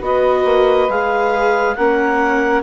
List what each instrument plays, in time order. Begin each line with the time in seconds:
0.00 bassoon B3, viola F#4, saxophone B4, clarinet D#5
0.44 bassoon A#3
0.89 bassoon G#3, viola G#4, clarinet F5
1.75 bassoon A#3, viola C#4, saxophone A#4, clarinet F#5